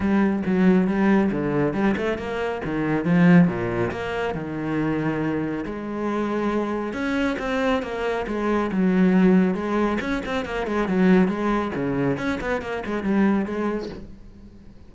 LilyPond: \new Staff \with { instrumentName = "cello" } { \time 4/4 \tempo 4 = 138 g4 fis4 g4 d4 | g8 a8 ais4 dis4 f4 | ais,4 ais4 dis2~ | dis4 gis2. |
cis'4 c'4 ais4 gis4 | fis2 gis4 cis'8 c'8 | ais8 gis8 fis4 gis4 cis4 | cis'8 b8 ais8 gis8 g4 gis4 | }